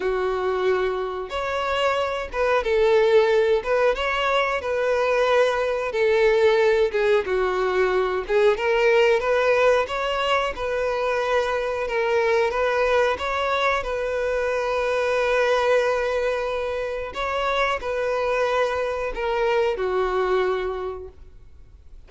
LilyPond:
\new Staff \with { instrumentName = "violin" } { \time 4/4 \tempo 4 = 91 fis'2 cis''4. b'8 | a'4. b'8 cis''4 b'4~ | b'4 a'4. gis'8 fis'4~ | fis'8 gis'8 ais'4 b'4 cis''4 |
b'2 ais'4 b'4 | cis''4 b'2.~ | b'2 cis''4 b'4~ | b'4 ais'4 fis'2 | }